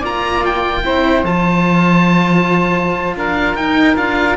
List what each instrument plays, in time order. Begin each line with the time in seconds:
0.00 cello A#3 F4, saxophone D5, oboe A#5
0.46 oboe G5
0.84 cello C4 E4, saxophone C5
1.24 cello F3 F4, oboe A5
3.16 cello D4, saxophone A#4, oboe F5
3.55 cello D#4, oboe G5
3.96 cello D4 F4, oboe F5